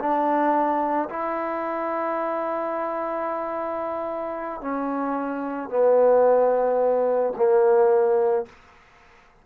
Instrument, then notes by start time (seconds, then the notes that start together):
trombone
0.00 D4
1.10 E4
4.61 C#4
5.70 B3
7.37 A#3